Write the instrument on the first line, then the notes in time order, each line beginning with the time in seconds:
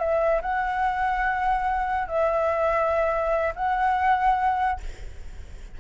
flute
0.00 E5
0.42 F#5
2.08 E5
3.56 F#5